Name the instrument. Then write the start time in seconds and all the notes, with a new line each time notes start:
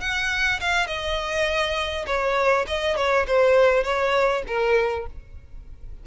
violin
0.00 F#5
0.60 F5
0.86 D#5
2.06 C#5
2.67 D#5
2.96 C#5
3.27 C5
3.83 C#5
4.47 A#4